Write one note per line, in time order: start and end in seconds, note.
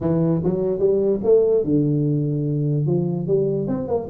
0.01 0.41 E3
0.43 0.79 F#3
0.79 1.20 G3
1.23 1.63 A3
1.63 2.86 D3
2.86 3.27 F3
3.27 3.67 G3
3.67 3.87 C4
3.87 4.08 A#3